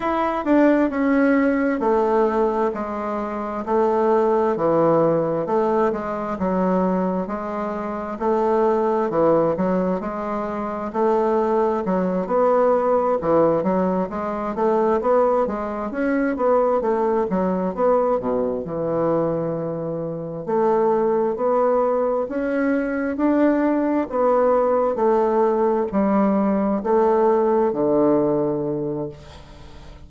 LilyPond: \new Staff \with { instrumentName = "bassoon" } { \time 4/4 \tempo 4 = 66 e'8 d'8 cis'4 a4 gis4 | a4 e4 a8 gis8 fis4 | gis4 a4 e8 fis8 gis4 | a4 fis8 b4 e8 fis8 gis8 |
a8 b8 gis8 cis'8 b8 a8 fis8 b8 | b,8 e2 a4 b8~ | b8 cis'4 d'4 b4 a8~ | a8 g4 a4 d4. | }